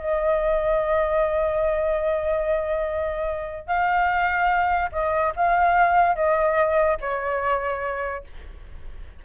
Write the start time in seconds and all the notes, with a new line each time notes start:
0.00 D#5
3.67 F5
4.92 D#5
5.36 F5
6.16 D#5
7.01 C#5